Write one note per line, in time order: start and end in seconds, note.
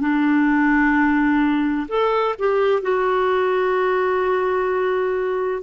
0.00 1.87 D4
1.89 2.36 A4
2.39 2.82 G4
2.82 5.63 F#4